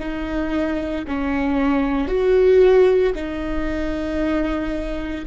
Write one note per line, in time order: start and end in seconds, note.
0.00 1.05 D#4
1.08 2.08 C#4
2.08 3.13 F#4
3.15 5.26 D#4